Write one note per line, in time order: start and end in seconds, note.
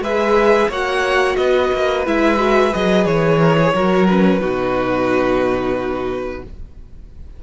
0.00 0.67 G#3
0.00 0.71 G#4
0.00 0.69 B4
0.00 0.71 E5
0.69 1.36 A#3
0.69 2.06 F#4
0.69 1.36 C#5
0.69 1.36 F#5
1.36 1.71 B3
1.36 3.39 B4
1.36 2.04 D#5
1.73 2.06 A#3
2.06 2.74 G#3
2.06 2.37 E4
2.06 2.74 E5
2.37 2.70 F#4
2.72 3.06 F#3
2.72 3.73 G#4
2.72 3.05 D#5
3.05 3.73 E3
3.05 4.07 C#5
3.40 3.56 A#4
3.57 3.74 G#4
3.74 4.41 F#3
3.74 4.08 F#4
3.74 4.41 A#4
4.07 4.41 C#4
4.07 6.43 B4
4.41 6.43 B2
4.41 6.43 D#4
4.41 6.43 F#4